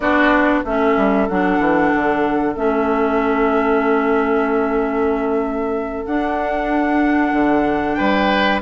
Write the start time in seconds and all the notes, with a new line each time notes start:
0.00 B3 D4 F#4 D5
0.64 A3 C#4 A4 E5
0.96 G3
1.28 F#3 D4 F#5
1.59 E3
1.95 D3
2.55 A3 C#4 E5
6.06 D4 F#5
7.32 D3
7.94 G3 B4 G5